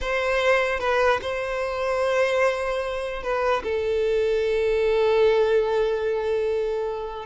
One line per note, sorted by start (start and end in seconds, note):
0.01 0.79 C5
0.79 1.20 B4
1.21 3.22 C5
3.22 3.63 B4
3.63 7.25 A4